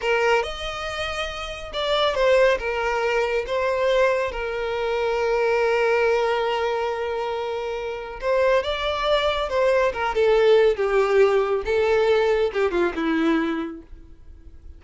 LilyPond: \new Staff \with { instrumentName = "violin" } { \time 4/4 \tempo 4 = 139 ais'4 dis''2. | d''4 c''4 ais'2 | c''2 ais'2~ | ais'1~ |
ais'2. c''4 | d''2 c''4 ais'8 a'8~ | a'4 g'2 a'4~ | a'4 g'8 f'8 e'2 | }